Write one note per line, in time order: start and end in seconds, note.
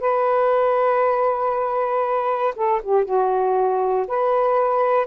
0.00 2.54 B4
2.56 2.81 A4
2.83 3.05 G4
3.05 4.07 F#4
4.08 5.07 B4